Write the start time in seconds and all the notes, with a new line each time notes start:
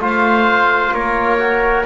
0.00 A3 F4 C5
0.07 F5
0.93 A#3 A#4 C#5
1.39 F#4